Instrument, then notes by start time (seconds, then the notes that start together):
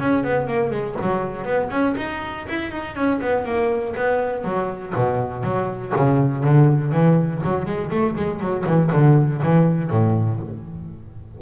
double bass
0.00 C#4
0.24 B3
0.48 A#3
0.71 G#3
1.02 F#3
1.45 B3
1.70 C#4
1.97 D#4
2.49 E4
2.71 D#4
2.95 C#4
3.21 B3
3.45 A#3
3.96 B3
4.44 F#3
4.95 B2
5.44 F#3
5.96 C#3
6.44 D3
6.92 E3
7.44 F#3
7.65 G#3
7.91 A3
8.16 G#3
8.40 F#3
8.66 E3
8.92 D3
9.43 E3
9.91 A2